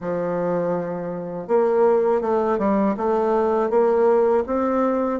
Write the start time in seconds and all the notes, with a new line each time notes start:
0.00 F3
1.47 A#3
2.21 A3
2.58 G3
2.96 A3
3.69 A#3
4.46 C4